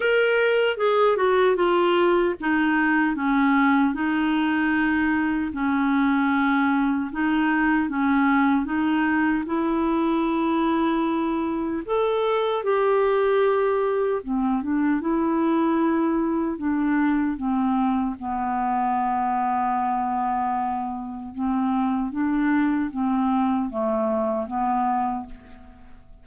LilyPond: \new Staff \with { instrumentName = "clarinet" } { \time 4/4 \tempo 4 = 76 ais'4 gis'8 fis'8 f'4 dis'4 | cis'4 dis'2 cis'4~ | cis'4 dis'4 cis'4 dis'4 | e'2. a'4 |
g'2 c'8 d'8 e'4~ | e'4 d'4 c'4 b4~ | b2. c'4 | d'4 c'4 a4 b4 | }